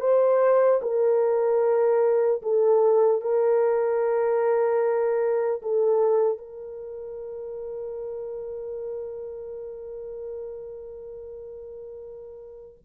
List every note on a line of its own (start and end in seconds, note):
0.00 0.80 C5
0.82 2.42 A#4
2.42 3.21 A4
3.21 5.61 A#4
5.62 6.38 A4
6.38 12.78 A#4